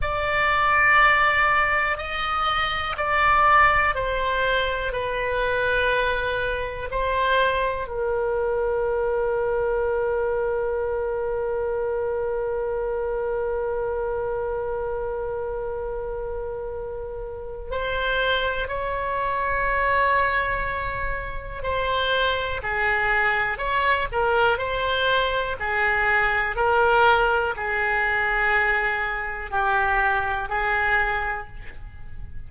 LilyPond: \new Staff \with { instrumentName = "oboe" } { \time 4/4 \tempo 4 = 61 d''2 dis''4 d''4 | c''4 b'2 c''4 | ais'1~ | ais'1~ |
ais'2 c''4 cis''4~ | cis''2 c''4 gis'4 | cis''8 ais'8 c''4 gis'4 ais'4 | gis'2 g'4 gis'4 | }